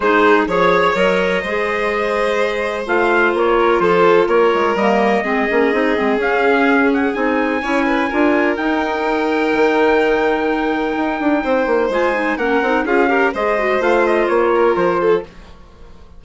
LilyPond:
<<
  \new Staff \with { instrumentName = "trumpet" } { \time 4/4 \tempo 4 = 126 c''4 cis''4 dis''2~ | dis''2 f''4 cis''4 | c''4 cis''4 dis''2~ | dis''4 f''4. fis''8 gis''4~ |
gis''2 g''2~ | g''1~ | g''4 gis''4 fis''4 f''4 | dis''4 f''8 dis''8 cis''4 c''4 | }
  \new Staff \with { instrumentName = "violin" } { \time 4/4 gis'4 cis''2 c''4~ | c''2.~ c''8 ais'8 | a'4 ais'2 gis'4~ | gis'1 |
cis''8 b'8 ais'2.~ | ais'1 | c''2 ais'4 gis'8 ais'8 | c''2~ c''8 ais'4 a'8 | }
  \new Staff \with { instrumentName = "clarinet" } { \time 4/4 dis'4 gis'4 ais'4 gis'4~ | gis'2 f'2~ | f'2 ais4 c'8 cis'8 | dis'8 c'8 cis'2 dis'4 |
e'4 f'4 dis'2~ | dis'1~ | dis'4 f'8 dis'8 cis'8 dis'8 f'8 g'8 | gis'8 fis'8 f'2. | }
  \new Staff \with { instrumentName = "bassoon" } { \time 4/4 gis4 f4 fis4 gis4~ | gis2 a4 ais4 | f4 ais8 gis8 g4 gis8 ais8 | c'8 gis8 cis'2 c'4 |
cis'4 d'4 dis'2 | dis2. dis'8 d'8 | c'8 ais8 gis4 ais8 c'8 cis'4 | gis4 a4 ais4 f4 | }
>>